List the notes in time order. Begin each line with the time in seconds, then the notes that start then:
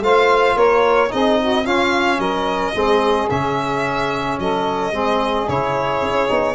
0.00 A3 F4 C5 F5
0.55 A#3 A#4 C#5
1.09 C4 D#4 G#4 D#5
1.40 F#4
1.62 C#4 F4 F5
2.18 F#3 A#4 D#5
2.74 G#3 C4 G#4
3.30 C#3 C#4 E5
4.39 F#3 A4 D#5
4.91 G#3 C4 G#4
5.48 C#3 E4 C#5
6.01 C#4
6.28 B3 D#4